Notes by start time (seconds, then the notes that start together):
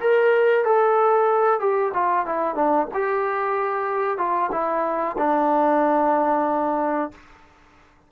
0.00 A#4
0.65 A4
1.60 G4
1.94 F4
2.26 E4
2.55 D4
2.94 G4
4.18 F4
4.52 E4
5.18 D4